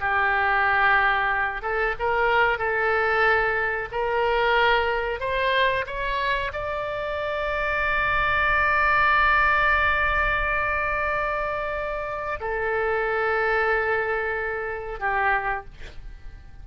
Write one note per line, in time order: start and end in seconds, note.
0.00 1.62 G4
1.62 1.95 A4
1.99 2.58 A#4
2.58 3.89 A4
3.92 5.20 A#4
5.20 5.85 C5
5.87 6.52 C#5
6.53 12.40 D5
12.41 15.00 A4
15.00 15.65 G4